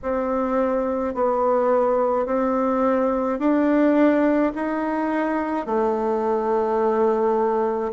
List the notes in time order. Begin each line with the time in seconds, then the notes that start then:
0.02 C4
1.14 B3
2.25 C4
3.39 D4
4.55 D#4
5.66 A3